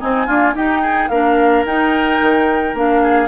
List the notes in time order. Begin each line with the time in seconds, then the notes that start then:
0.00 C4 D#4 G#5
0.26 A#3 D4 F4
0.54 D#4 G4 G5
0.82 G#4
1.09 A#3 D4 A#4 F5
1.65 D#4 G5
2.21 D#3
2.74 A#3 D4 F5
3.03 G#4